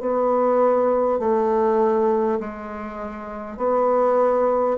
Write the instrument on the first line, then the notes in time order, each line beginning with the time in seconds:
bassoon
0.00 B3
1.19 A3
2.40 G#3
3.57 B3